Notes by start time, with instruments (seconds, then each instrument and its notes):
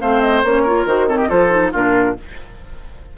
0.00 bassoon A3, clarinet C4, oboe C5, flute F5
0.21 flute D#5
0.43 bassoon A#3, clarinet C#4, flute C#5
0.63 clarinet F4, oboe A#4
0.86 bassoon D#3, clarinet F#4, flute C5
1.08 clarinet C4, oboe A4, flute C#5
1.17 oboe G4, flute D#5
1.29 bassoon F3, clarinet F4, oboe A4, flute C5
1.50 clarinet D#4
1.72 bassoon A#2, clarinet D4, oboe F4, flute A#4